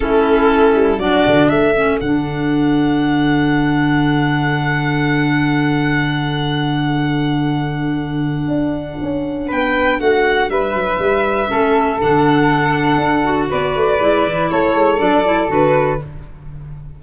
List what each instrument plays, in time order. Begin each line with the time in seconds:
0.00 tuba A3, clarinet C#4, flute E4, violin A4
0.74 tuba G3
0.97 tuba F#3, clarinet D4, flute F#4, violin D5
1.26 tuba D3
1.49 tuba A3, flute A4, violin E5
1.75 clarinet C#4
2.00 tuba D3, clarinet D4, violin F#5
8.47 tuba D4
9.01 tuba C#4
9.47 tuba B3, flute B4, violin G5
9.99 tuba A3, flute F#4, violin F#5
10.49 tuba G3, flute B4, violin E5
10.73 tuba F#3
10.98 tuba G3
11.47 tuba A3, clarinet C#4, flute A4
11.99 tuba D3, clarinet D4, violin F#5
12.97 tuba D4
13.23 clarinet F#4
13.49 tuba B3, flute B4, violin D5
13.75 tuba A3
13.99 tuba G#3, clarinet E4
14.24 tuba E3
14.50 tuba A3, flute A4, violin C#5
14.75 tuba G#3
14.98 tuba F#3, clarinet D4, violin D5
15.24 clarinet E4
15.47 tuba D3, clarinet F#4, violin B4